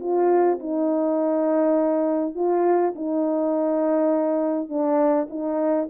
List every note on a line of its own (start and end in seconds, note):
0.00 0.59 F4
0.59 2.35 D#4
2.35 2.94 F4
2.95 4.69 D#4
4.69 5.28 D4
5.30 5.89 D#4